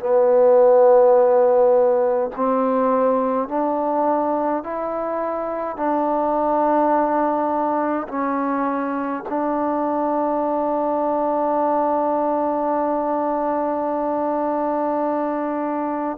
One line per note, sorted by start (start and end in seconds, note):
0.00 2.31 B3
2.36 3.48 C4
3.48 4.63 D4
4.63 5.76 E4
5.76 8.07 D4
8.08 9.24 C#4
9.29 16.17 D4